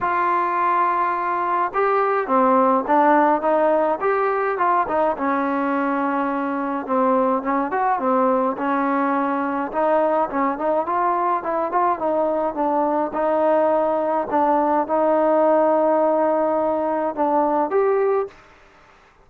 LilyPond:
\new Staff \with { instrumentName = "trombone" } { \time 4/4 \tempo 4 = 105 f'2. g'4 | c'4 d'4 dis'4 g'4 | f'8 dis'8 cis'2. | c'4 cis'8 fis'8 c'4 cis'4~ |
cis'4 dis'4 cis'8 dis'8 f'4 | e'8 f'8 dis'4 d'4 dis'4~ | dis'4 d'4 dis'2~ | dis'2 d'4 g'4 | }